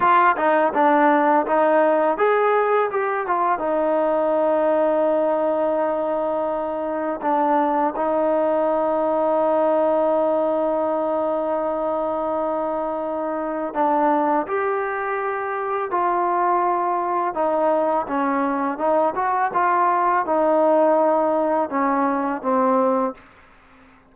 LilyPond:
\new Staff \with { instrumentName = "trombone" } { \time 4/4 \tempo 4 = 83 f'8 dis'8 d'4 dis'4 gis'4 | g'8 f'8 dis'2.~ | dis'2 d'4 dis'4~ | dis'1~ |
dis'2. d'4 | g'2 f'2 | dis'4 cis'4 dis'8 fis'8 f'4 | dis'2 cis'4 c'4 | }